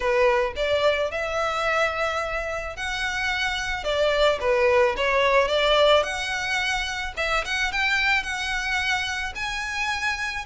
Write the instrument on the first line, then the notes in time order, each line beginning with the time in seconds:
violin
0.00 B4
0.56 D5
1.11 E5
2.76 F#5
3.84 D5
4.40 B4
4.96 C#5
5.48 D5
6.03 F#5
7.17 E5
7.44 F#5
7.72 G5
8.23 F#5
9.35 G#5